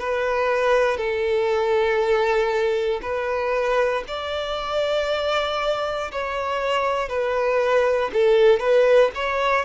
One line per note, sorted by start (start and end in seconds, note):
0.00 0.98 B4
0.98 3.01 A4
3.02 4.04 B4
4.08 6.12 D5
6.12 7.10 C#5
7.10 8.11 B4
8.14 8.60 A4
8.60 9.11 B4
9.15 9.66 C#5